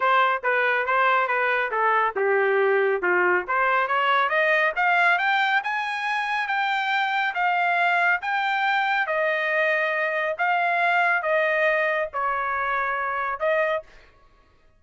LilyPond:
\new Staff \with { instrumentName = "trumpet" } { \time 4/4 \tempo 4 = 139 c''4 b'4 c''4 b'4 | a'4 g'2 f'4 | c''4 cis''4 dis''4 f''4 | g''4 gis''2 g''4~ |
g''4 f''2 g''4~ | g''4 dis''2. | f''2 dis''2 | cis''2. dis''4 | }